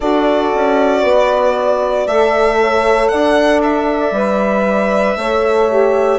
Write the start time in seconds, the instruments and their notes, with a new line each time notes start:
0.00 bassoon D4, saxophone F#4, horn A4, violin D5
0.54 bassoon C#4
1.02 bassoon B3, horn B4
1.56 horn D5
2.06 bassoon A3, saxophone A4, violin E5
2.60 horn C#5
3.08 bassoon D4, horn D5, violin F#5
3.62 violin E5
4.11 bassoon G3, saxophone B4
5.16 bassoon A3, saxophone A4, horn C#5
5.69 saxophone G4